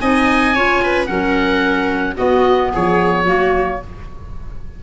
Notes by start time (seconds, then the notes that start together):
0.00 C4 D#4 D#5 G#5
0.54 C#4 F4 C#5
0.83 B4
1.06 F#3 C#4 A#4 F#5
2.16 B3 F#4 D#5
2.72 F3 G#4 C#5
3.24 F#3 A#3 F#4